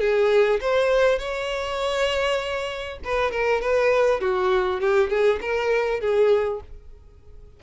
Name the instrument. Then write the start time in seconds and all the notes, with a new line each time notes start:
violin
0.00 G#4
0.61 C5
1.19 C#5
3.04 B4
3.31 A#4
3.61 B4
4.20 F#4
4.80 G4
5.09 G#4
5.41 A#4
6.00 G#4